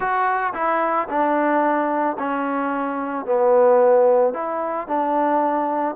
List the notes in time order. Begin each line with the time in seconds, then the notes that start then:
0.00 F#4
0.54 E4
1.08 D4
2.18 C#4
3.25 B3
4.33 E4
4.87 D4